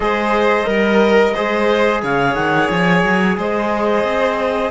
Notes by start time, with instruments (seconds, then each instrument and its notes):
0.00 cello G#3, trombone G#4, violin C5, clarinet D#5
0.64 cello G3, trombone A#4, violin A#4
1.34 cello G#3, trombone G#4, violin C5
2.02 cello C#3, violin C#5, clarinet F5
2.34 cello D#3, clarinet F#5
2.70 cello F3, clarinet G#5
3.03 cello F#3
3.37 cello G#3, violin C5, clarinet D#5
4.03 cello C4